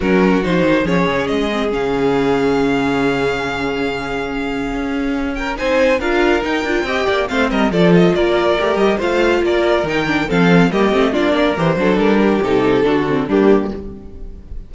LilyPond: <<
  \new Staff \with { instrumentName = "violin" } { \time 4/4 \tempo 4 = 140 ais'4 c''4 cis''4 dis''4 | f''1~ | f''1~ | f''8 g''8 gis''4 f''4 g''4~ |
g''4 f''8 dis''8 d''8 dis''8 d''4~ | d''8 dis''8 f''4 d''4 g''4 | f''4 dis''4 d''4 c''4 | ais'4 a'2 g'4 | }
  \new Staff \with { instrumentName = "violin" } { \time 4/4 fis'2 gis'2~ | gis'1~ | gis'1~ | gis'8 ais'8 c''4 ais'2 |
dis''8 d''8 c''8 ais'8 a'4 ais'4~ | ais'4 c''4 ais'2 | a'4 g'4 f'8 ais'4 a'8~ | a'8 g'4. fis'4 d'4 | }
  \new Staff \with { instrumentName = "viola" } { \time 4/4 cis'4 dis'4 cis'4. c'8 | cis'1~ | cis'1~ | cis'4 dis'4 f'4 dis'8 f'8 |
g'4 c'4 f'2 | g'4 f'2 dis'8 d'8 | c'4 ais8 c'8 d'4 g'8 d'8~ | d'4 dis'4 d'8 c'8 ais4 | }
  \new Staff \with { instrumentName = "cello" } { \time 4/4 fis4 f8 dis8 f8 cis8 gis4 | cis1~ | cis2. cis'4~ | cis'4 c'4 d'4 dis'8 d'8 |
c'8 ais8 a8 g8 f4 ais4 | a8 g8 a4 ais4 dis4 | f4 g8 a8 ais4 e8 fis8 | g4 c4 d4 g4 | }
>>